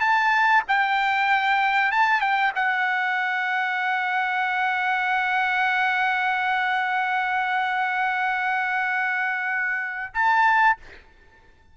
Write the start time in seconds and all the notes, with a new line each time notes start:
0.00 A5
0.68 G5
1.91 A5
2.21 G5
2.55 F#5
10.14 A5